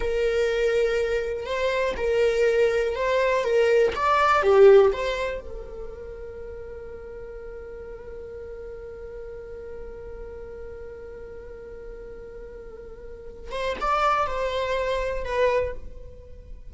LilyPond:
\new Staff \with { instrumentName = "viola" } { \time 4/4 \tempo 4 = 122 ais'2. c''4 | ais'2 c''4 ais'4 | d''4 g'4 c''4 ais'4~ | ais'1~ |
ais'1~ | ais'1~ | ais'2.~ ais'8 c''8 | d''4 c''2 b'4 | }